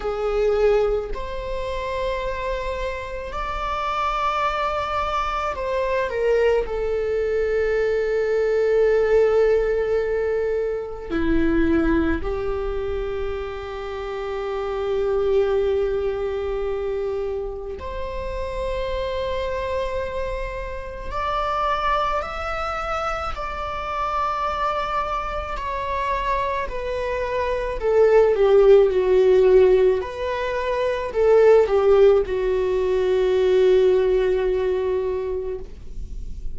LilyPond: \new Staff \with { instrumentName = "viola" } { \time 4/4 \tempo 4 = 54 gis'4 c''2 d''4~ | d''4 c''8 ais'8 a'2~ | a'2 e'4 g'4~ | g'1 |
c''2. d''4 | e''4 d''2 cis''4 | b'4 a'8 g'8 fis'4 b'4 | a'8 g'8 fis'2. | }